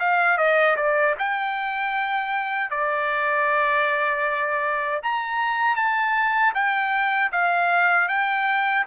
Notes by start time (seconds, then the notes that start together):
0.00 F5
0.38 D#5
0.77 D5
1.19 G5
2.71 D5
5.03 A#5
5.77 A5
6.55 G5
7.33 F5
8.09 G5